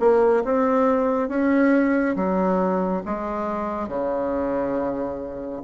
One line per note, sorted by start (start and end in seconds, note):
0.00 0.43 A#3
0.45 1.29 C4
1.29 2.16 C#4
2.16 3.03 F#3
3.06 3.89 G#3
3.89 5.62 C#3